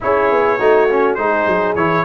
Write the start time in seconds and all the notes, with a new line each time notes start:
0.00 C#4 E4 G#4 C#5
0.31 B3
0.58 A3 D#4 F#4
0.89 C#4
1.14 G#3 D#4 G#4 C5
1.46 F#3
1.75 E3 E4 C#5